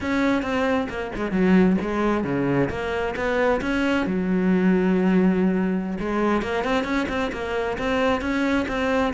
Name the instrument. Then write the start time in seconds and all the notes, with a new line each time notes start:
cello
0.01 C#4
0.42 C4
0.89 A#3
1.15 G#3
1.31 F#3
1.81 G#3
2.24 C#3
2.69 A#3
3.15 B3
3.61 C#4
4.06 F#3
5.99 G#3
6.42 A#3
6.63 C4
6.84 C#4
7.08 C4
7.32 A#3
7.78 C4
8.21 C#4
8.68 C4